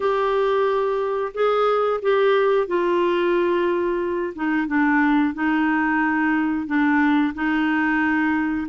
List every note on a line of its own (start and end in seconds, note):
0.00 1.32 G4
1.33 2.00 G#4
2.02 2.67 G4
2.67 4.33 F4
4.35 4.67 D#4
4.67 5.34 D4
5.34 6.66 D#4
6.66 7.33 D4
7.34 8.67 D#4